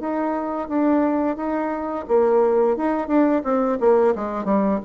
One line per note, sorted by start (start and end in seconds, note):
0.00 0.69 D#4
0.69 1.36 D4
1.36 2.05 D#4
2.08 2.77 A#3
2.77 3.08 D#4
3.08 3.42 D4
3.44 3.79 C4
3.80 4.15 A#3
4.15 4.45 G#3
4.45 4.79 G3